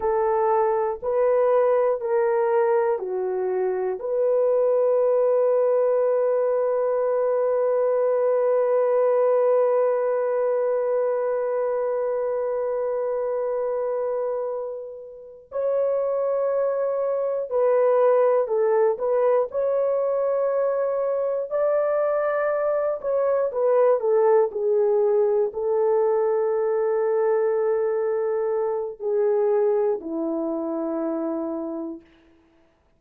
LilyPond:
\new Staff \with { instrumentName = "horn" } { \time 4/4 \tempo 4 = 60 a'4 b'4 ais'4 fis'4 | b'1~ | b'1~ | b'2.~ b'8 cis''8~ |
cis''4. b'4 a'8 b'8 cis''8~ | cis''4. d''4. cis''8 b'8 | a'8 gis'4 a'2~ a'8~ | a'4 gis'4 e'2 | }